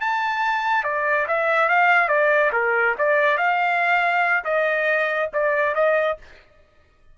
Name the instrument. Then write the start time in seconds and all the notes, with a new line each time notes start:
trumpet
0.00 A5
0.84 D5
1.27 E5
1.68 F5
2.08 D5
2.52 A#4
2.98 D5
3.38 F5
4.44 D#5
5.33 D5
5.75 D#5